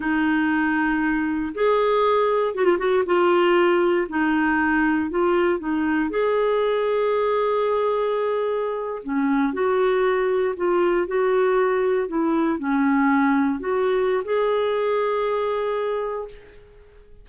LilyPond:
\new Staff \with { instrumentName = "clarinet" } { \time 4/4 \tempo 4 = 118 dis'2. gis'4~ | gis'4 fis'16 f'16 fis'8 f'2 | dis'2 f'4 dis'4 | gis'1~ |
gis'4.~ gis'16 cis'4 fis'4~ fis'16~ | fis'8. f'4 fis'2 e'16~ | e'8. cis'2 fis'4~ fis'16 | gis'1 | }